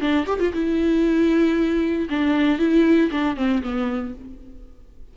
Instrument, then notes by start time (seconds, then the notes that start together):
viola
0.00 D4
0.26 G4
0.39 F4
0.53 E4
2.09 D4
2.58 E4
3.11 D4
3.36 C4
3.62 B3